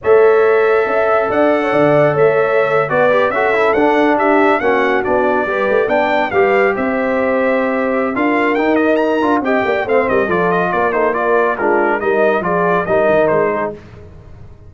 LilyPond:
<<
  \new Staff \with { instrumentName = "trumpet" } { \time 4/4 \tempo 4 = 140 e''2. fis''4~ | fis''4 e''4.~ e''16 d''4 e''16~ | e''8. fis''4 e''4 fis''4 d''16~ | d''4.~ d''16 g''4 f''4 e''16~ |
e''2. f''4 | g''8 dis''8 ais''4 g''4 f''8 dis''8 | d''8 dis''8 d''8 c''8 d''4 ais'4 | dis''4 d''4 dis''4 c''4 | }
  \new Staff \with { instrumentName = "horn" } { \time 4/4 cis''2 e''4 d''8. cis''16 | d''4 cis''4.~ cis''16 b'4 a'16~ | a'4.~ a'16 g'4 fis'4~ fis'16~ | fis'8. b'4 d''4 b'4 c''16~ |
c''2. ais'4~ | ais'2 dis''8 d''8 c''8 ais'8 | a'4 ais'8 a'8 ais'4 f'4 | ais'4 gis'4 ais'4. gis'8 | }
  \new Staff \with { instrumentName = "trombone" } { \time 4/4 a'1~ | a'2~ a'8. fis'8 g'8 fis'16~ | fis'16 e'8 d'2 cis'4 d'16~ | d'8. g'4 d'4 g'4~ g'16~ |
g'2. f'4 | dis'4. f'8 g'4 c'4 | f'4. dis'8 f'4 d'4 | dis'4 f'4 dis'2 | }
  \new Staff \with { instrumentName = "tuba" } { \time 4/4 a2 cis'4 d'4 | d4 a4.~ a16 b4 cis'16~ | cis'8. d'2 ais4 b16~ | b8. g8 a8 b4 g4 c'16~ |
c'2. d'4 | dis'4. d'8 c'8 ais8 a8 g8 | f4 ais2 gis4 | g4 f4 g8 dis8 gis4 | }
>>